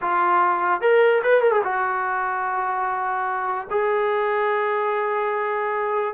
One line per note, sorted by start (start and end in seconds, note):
0.01 0.81 F4
0.81 1.22 A#4
1.23 1.41 B4
1.41 1.51 A#4
1.51 1.62 G#4
1.63 3.67 F#4
3.70 6.14 G#4